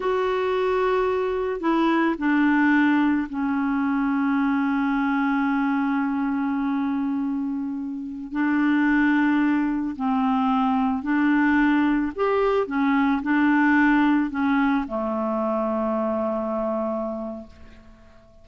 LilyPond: \new Staff \with { instrumentName = "clarinet" } { \time 4/4 \tempo 4 = 110 fis'2. e'4 | d'2 cis'2~ | cis'1~ | cis'2.~ cis'16 d'8.~ |
d'2~ d'16 c'4.~ c'16~ | c'16 d'2 g'4 cis'8.~ | cis'16 d'2 cis'4 a8.~ | a1 | }